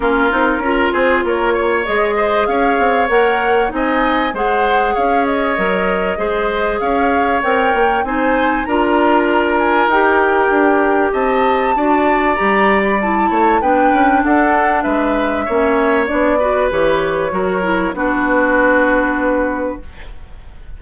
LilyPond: <<
  \new Staff \with { instrumentName = "flute" } { \time 4/4 \tempo 4 = 97 ais'4. c''8 cis''4 dis''4 | f''4 fis''4 gis''4 fis''4 | f''8 dis''2~ dis''8 f''4 | g''4 gis''4 ais''4. gis''8 |
g''2 a''2 | ais''8. b''16 a''4 g''4 fis''4 | e''2 d''4 cis''4~ | cis''4 b'2. | }
  \new Staff \with { instrumentName = "oboe" } { \time 4/4 f'4 ais'8 gis'8 ais'8 cis''4 c''8 | cis''2 dis''4 c''4 | cis''2 c''4 cis''4~ | cis''4 c''4 ais'2~ |
ais'2 dis''4 d''4~ | d''4. cis''8 b'4 a'4 | b'4 cis''4. b'4. | ais'4 fis'2. | }
  \new Staff \with { instrumentName = "clarinet" } { \time 4/4 cis'8 dis'8 f'2 gis'4~ | gis'4 ais'4 dis'4 gis'4~ | gis'4 ais'4 gis'2 | ais'4 dis'4 f'2 |
g'2. fis'4 | g'4 e'4 d'2~ | d'4 cis'4 d'8 fis'8 g'4 | fis'8 e'8 d'2. | }
  \new Staff \with { instrumentName = "bassoon" } { \time 4/4 ais8 c'8 cis'8 c'8 ais4 gis4 | cis'8 c'8 ais4 c'4 gis4 | cis'4 fis4 gis4 cis'4 | c'8 ais8 c'4 d'2 |
dis'4 d'4 c'4 d'4 | g4. a8 b8 cis'8 d'4 | gis4 ais4 b4 e4 | fis4 b2. | }
>>